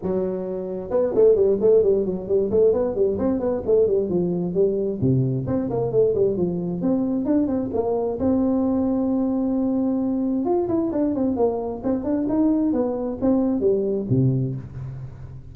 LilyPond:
\new Staff \with { instrumentName = "tuba" } { \time 4/4 \tempo 4 = 132 fis2 b8 a8 g8 a8 | g8 fis8 g8 a8 b8 g8 c'8 b8 | a8 g8 f4 g4 c4 | c'8 ais8 a8 g8 f4 c'4 |
d'8 c'8 ais4 c'2~ | c'2. f'8 e'8 | d'8 c'8 ais4 c'8 d'8 dis'4 | b4 c'4 g4 c4 | }